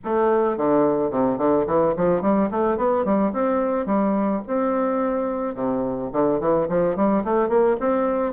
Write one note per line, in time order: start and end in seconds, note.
0.04 0.57 A3
0.57 1.11 D3
1.11 1.37 C3
1.37 1.65 D3
1.66 1.94 E3
1.96 2.21 F3
2.21 2.49 G3
2.51 2.77 A3
2.77 3.04 B3
3.04 3.32 G3
3.32 3.86 C4
3.86 4.41 G3
4.47 5.54 C4
5.54 6.10 C3
6.12 6.40 D3
6.40 6.67 E3
6.68 6.95 F3
6.95 7.23 G3
7.24 7.48 A3
7.48 7.76 A#3
7.80 8.33 C4